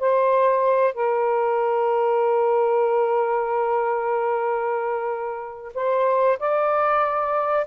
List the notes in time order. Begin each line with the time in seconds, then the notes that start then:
0.00 C5
0.95 A#4
5.75 C5
6.39 D5